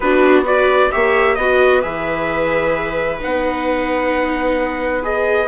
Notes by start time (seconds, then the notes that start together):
0.00 B3 D4 F#4 B4
0.44 F#4 B4 D5
0.91 A#3 G4 C#5 E5
1.35 B3 F#4 B4 D#5
1.81 E3 G#4 E5
3.20 B3 D#4 F#5
5.02 G#4 D#5